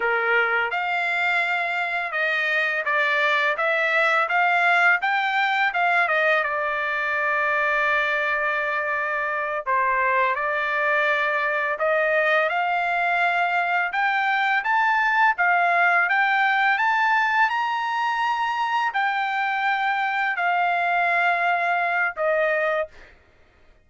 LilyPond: \new Staff \with { instrumentName = "trumpet" } { \time 4/4 \tempo 4 = 84 ais'4 f''2 dis''4 | d''4 e''4 f''4 g''4 | f''8 dis''8 d''2.~ | d''4. c''4 d''4.~ |
d''8 dis''4 f''2 g''8~ | g''8 a''4 f''4 g''4 a''8~ | a''8 ais''2 g''4.~ | g''8 f''2~ f''8 dis''4 | }